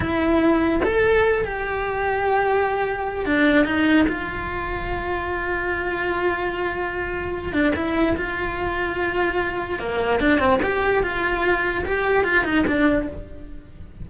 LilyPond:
\new Staff \with { instrumentName = "cello" } { \time 4/4 \tempo 4 = 147 e'2 a'4. g'8~ | g'1 | d'4 dis'4 f'2~ | f'1~ |
f'2~ f'8 d'8 e'4 | f'1 | ais4 d'8 c'8 g'4 f'4~ | f'4 g'4 f'8 dis'8 d'4 | }